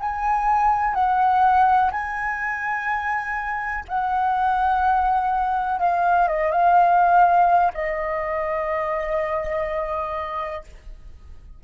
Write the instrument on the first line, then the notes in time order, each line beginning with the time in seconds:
flute
0.00 G#5
0.94 F#5
1.91 G#5
3.88 F#5
5.79 F5
6.28 D#5
6.51 F5
7.74 D#5